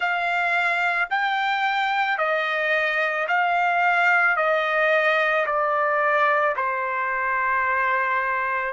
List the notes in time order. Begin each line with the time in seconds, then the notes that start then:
0.00 F5
1.10 G5
2.18 D#5
3.27 F5
4.36 D#5
5.45 D5
6.56 C5